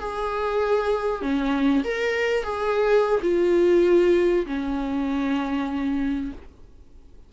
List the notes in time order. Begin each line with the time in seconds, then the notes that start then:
0.00 G#4
1.22 C#4
1.84 A#4
2.44 G#4
3.22 F4
4.46 C#4